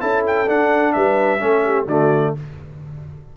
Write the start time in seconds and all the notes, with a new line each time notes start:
0.00 C#4 E4 A4 A5
0.26 G5
0.47 D4 F#5
0.92 G3 B4 E5
1.39 A3 C#4 A4
1.64 G4
1.86 D3 A3 F#4 D5